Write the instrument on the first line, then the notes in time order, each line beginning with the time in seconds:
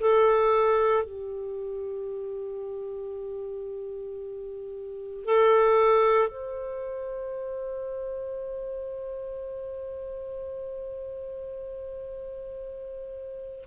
clarinet
0.00 A4
1.03 G4
5.24 A4
6.28 C5